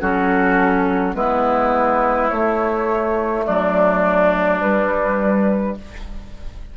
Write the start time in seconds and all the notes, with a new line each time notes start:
0.00 F#3 C#4 F#4 A4
1.14 G#3 B3 E4 B4
2.28 A3 C#5
3.45 F#3 D4 D5
4.60 G3 B4